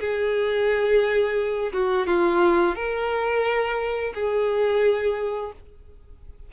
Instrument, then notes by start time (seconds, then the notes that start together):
violin
0.00 G#4
1.72 F#4
2.06 F4
2.75 A#4
4.14 G#4